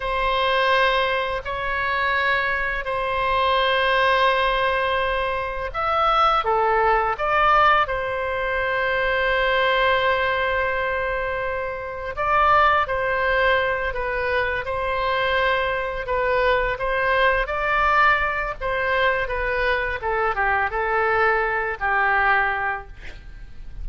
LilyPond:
\new Staff \with { instrumentName = "oboe" } { \time 4/4 \tempo 4 = 84 c''2 cis''2 | c''1 | e''4 a'4 d''4 c''4~ | c''1~ |
c''4 d''4 c''4. b'8~ | b'8 c''2 b'4 c''8~ | c''8 d''4. c''4 b'4 | a'8 g'8 a'4. g'4. | }